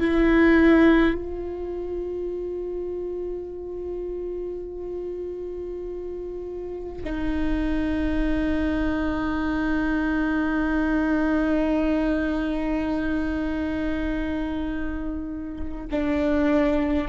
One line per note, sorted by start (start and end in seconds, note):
0.00 1.14 E4
1.14 7.03 F4
7.04 15.86 D#4
15.91 17.09 D4